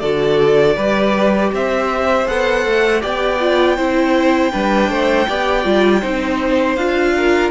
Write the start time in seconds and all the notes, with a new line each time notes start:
0.00 D3 F#4 A4 D5
0.76 G3 G4 B4
1.52 C4 C5 E5
2.25 B3 A4 F#5
2.65 A3
3.00 B3 G4 D5 G5
3.40 F4
3.76 C4 E4 C5
4.52 G3 D4 B4
4.89 A3 C5
5.28 B3 G4 D5
5.63 G3 F4
6.00 C4 D#4 C5
6.75 D4 F4 F5
7.16 A#4